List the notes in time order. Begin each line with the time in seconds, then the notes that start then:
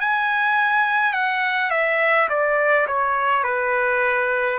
0.00 G#5
1.13 F#5
1.70 E5
2.29 D5
2.87 C#5
3.43 B4